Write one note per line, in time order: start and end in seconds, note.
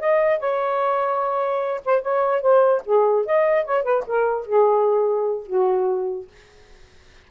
0.00 0.39 D#5
0.39 1.81 C#5
1.85 2.02 C5
2.02 2.42 C#5
2.42 2.82 C5
2.86 3.26 G#4
3.26 3.65 D#5
3.65 3.83 C#5
3.83 4.04 B4
4.07 4.46 A#4
4.46 5.47 G#4
5.47 6.28 F#4